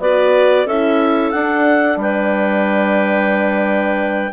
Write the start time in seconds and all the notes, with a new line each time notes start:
0.00 B3 F#4 B4 D5
0.66 C#4 E4 A4 E5
1.31 D4 F#5
1.97 G3 B4 G5